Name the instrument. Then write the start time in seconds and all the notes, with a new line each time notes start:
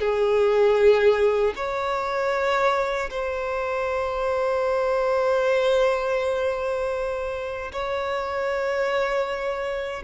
violin
0.00 G#4
1.56 C#5
3.10 C5
7.72 C#5